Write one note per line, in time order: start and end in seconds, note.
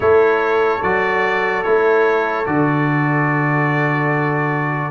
0.00 0.81 A3
0.00 0.81 E4
0.00 4.91 A4
0.00 0.82 C#5
0.82 1.64 F#3
0.82 1.65 F#4
0.82 1.63 D5
1.63 2.47 A3
1.63 2.46 E4
1.63 2.45 C#5
2.46 4.91 D3
2.46 4.91 F#4
2.46 4.91 D5